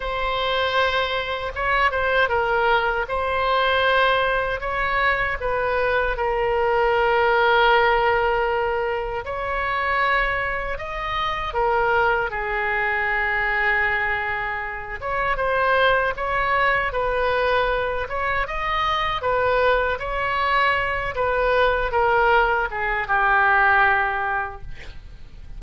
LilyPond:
\new Staff \with { instrumentName = "oboe" } { \time 4/4 \tempo 4 = 78 c''2 cis''8 c''8 ais'4 | c''2 cis''4 b'4 | ais'1 | cis''2 dis''4 ais'4 |
gis'2.~ gis'8 cis''8 | c''4 cis''4 b'4. cis''8 | dis''4 b'4 cis''4. b'8~ | b'8 ais'4 gis'8 g'2 | }